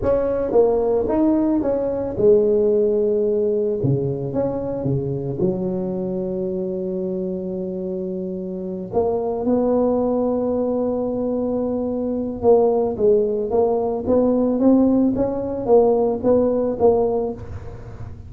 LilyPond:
\new Staff \with { instrumentName = "tuba" } { \time 4/4 \tempo 4 = 111 cis'4 ais4 dis'4 cis'4 | gis2. cis4 | cis'4 cis4 fis2~ | fis1~ |
fis8 ais4 b2~ b8~ | b2. ais4 | gis4 ais4 b4 c'4 | cis'4 ais4 b4 ais4 | }